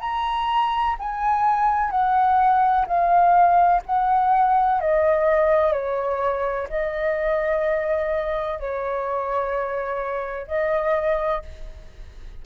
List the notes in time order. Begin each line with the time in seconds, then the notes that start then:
0.00 A#5
0.99 G#5
1.90 F#5
2.86 F5
3.85 F#5
4.81 D#5
5.72 C#5
6.69 D#5
8.59 C#5
10.46 D#5